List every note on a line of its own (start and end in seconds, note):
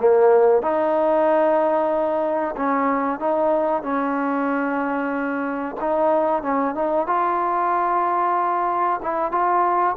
0.00 0.62 A#3
0.62 2.56 D#4
2.57 3.20 C#4
3.20 3.83 D#4
3.83 5.77 C#4
5.81 6.43 D#4
6.43 6.75 C#4
6.75 7.07 D#4
7.07 9.01 F4
9.03 9.32 E4
9.32 9.96 F4